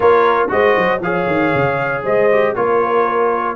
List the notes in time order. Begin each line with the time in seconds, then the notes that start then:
0.00 A#3 F4 A#4 C#5
0.48 G#3 F#4 C5 D#5
0.76 F#3
1.01 F3 G#4 C#5 F5
1.26 D#3
1.54 C#3
2.03 G#3 C5 D#5
2.31 G4
2.55 A#3 F4 A#4 C#5